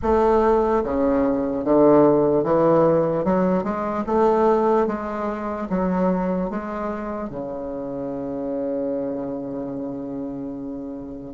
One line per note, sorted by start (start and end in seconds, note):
0.02 0.83 A3
0.84 1.64 C#3
1.64 2.43 D3
2.43 3.24 E3
3.24 3.63 F#3
3.63 4.04 G#3
4.06 4.86 A3
4.86 5.68 G#3
5.69 6.49 F#3
6.49 7.29 G#3
7.29 11.33 C#3